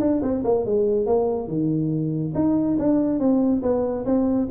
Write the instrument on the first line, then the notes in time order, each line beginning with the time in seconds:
tuba
0.00 D4
0.22 C4
0.44 A#3
0.66 G#3
1.06 A#3
1.48 D#3
2.35 D#4
2.79 D4
3.19 C4
3.62 B3
4.05 C4